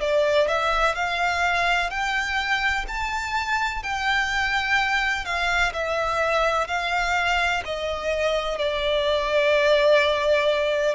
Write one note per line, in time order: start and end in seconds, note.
0.00 0.48 D5
0.48 0.95 E5
0.95 1.90 F5
1.90 2.85 G5
2.87 3.83 A5
3.83 5.25 G5
5.25 5.72 F5
5.73 6.68 E5
6.68 7.63 F5
7.65 8.58 D#5
8.58 10.95 D5